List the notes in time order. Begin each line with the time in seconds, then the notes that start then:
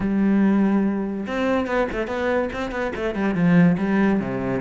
0.00 G3
1.26 C4
1.66 B3
1.92 A3
2.07 B3
2.53 C4
2.71 B3
2.95 A3
3.14 G3
3.35 F3
3.78 G3
4.20 C3